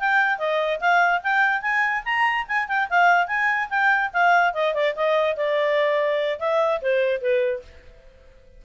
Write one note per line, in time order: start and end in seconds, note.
0.00 0.39 G5
0.39 0.80 D#5
0.81 1.22 F5
1.24 1.62 G5
1.62 2.03 G#5
2.05 2.47 A#5
2.48 2.68 G#5
2.68 2.89 G5
2.90 3.28 F5
3.28 3.69 G#5
3.70 4.11 G5
4.13 4.54 F5
4.54 4.74 D#5
4.74 4.95 D5
4.96 5.37 D#5
5.37 6.39 D5
6.39 6.81 E5
6.82 7.21 C5
7.21 7.63 B4